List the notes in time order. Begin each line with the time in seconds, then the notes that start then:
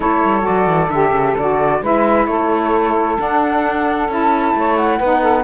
0.00 A3 E4 A4 C#5
0.23 G3
0.41 F#4 D5
0.48 F#3
0.66 E3
0.89 D3 G4 E5
1.11 C#3
1.37 D3 F#4 D5
1.81 G#3 E4 B4 E5
2.26 A3 A4 C#5
3.18 D4 F#5
4.08 C#4 E4 A5
4.54 A3 C#5
4.76 F#5
4.97 B3 D#4 B4
5.20 A4